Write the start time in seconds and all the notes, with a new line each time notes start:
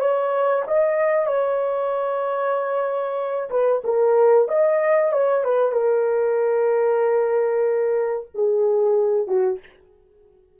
0.00 C#5
0.67 D#5
1.26 C#5
3.50 B4
3.85 A#4
4.49 D#5
5.13 C#5
5.45 B4
5.72 A#4
8.35 G#4
9.28 F#4